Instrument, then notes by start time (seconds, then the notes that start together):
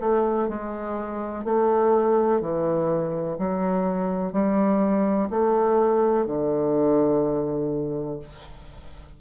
bassoon
0.00 A3
0.49 G#3
1.45 A3
2.41 E3
3.39 F#3
4.32 G3
5.30 A3
6.26 D3